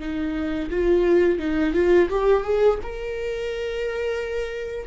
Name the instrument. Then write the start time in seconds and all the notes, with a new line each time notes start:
viola
0.00 D#4
0.70 F4
1.39 D#4
1.74 F4
2.09 G4
2.44 G#4
2.83 A#4